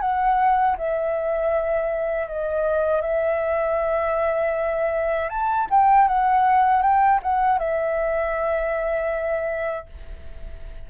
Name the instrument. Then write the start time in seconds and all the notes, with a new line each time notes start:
flute
0.00 F#5
0.77 E5
2.27 D#5
3.01 E5
5.29 A5
5.70 G5
6.07 F#5
6.82 G5
7.22 F#5
7.58 E5